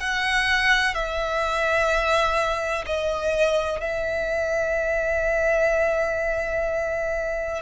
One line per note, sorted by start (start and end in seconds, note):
0.00 0.94 F#5
0.94 2.84 E5
2.86 3.81 D#5
3.81 7.61 E5